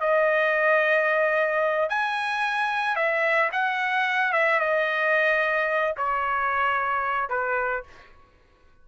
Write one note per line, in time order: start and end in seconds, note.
0.00 1.89 D#5
1.89 2.96 G#5
2.96 3.50 E5
3.52 4.32 F#5
4.32 4.59 E5
4.59 5.95 D#5
5.97 7.29 C#5
7.29 7.83 B4